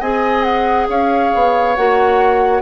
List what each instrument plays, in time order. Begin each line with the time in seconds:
0.00 bassoon C4, clarinet G#4, oboe D#5, flute G#5
0.43 flute F#5
0.89 bassoon C#4, oboe C#5, flute F5
1.34 bassoon B3
1.76 bassoon A#3, clarinet F#4, flute F#5